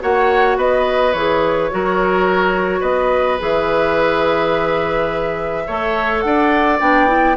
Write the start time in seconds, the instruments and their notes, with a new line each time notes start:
0.00 bassoon A#3, clarinet F#4, oboe C#5, flute F#5
0.57 bassoon B3, oboe B4, flute D#5
1.13 bassoon E3, clarinet G#4, flute C#5
1.70 bassoon F#3, clarinet F#4, oboe A#4
2.80 bassoon B3, oboe B4, flute D#5
3.39 bassoon E3, clarinet G#4, flute E5
5.67 bassoon A3, clarinet A4, oboe C#5
6.20 bassoon D4, flute F#5
6.26 oboe D5
6.80 bassoon B3, clarinet D4, flute G5
7.07 clarinet E4